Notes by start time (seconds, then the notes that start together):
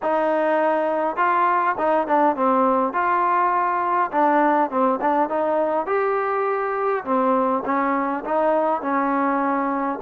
0.02 D#4
1.16 F4
1.78 D#4
2.07 D4
2.36 C4
2.93 F4
4.11 D4
4.70 C4
5.01 D4
5.29 D#4
5.86 G4
7.04 C4
7.65 C#4
8.24 D#4
8.81 C#4